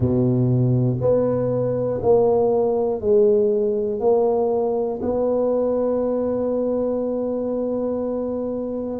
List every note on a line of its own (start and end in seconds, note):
0.00 0.98 B2
1.00 2.00 B3
2.02 3.00 A#3
3.00 4.00 G#3
4.00 5.00 A#3
5.02 8.99 B3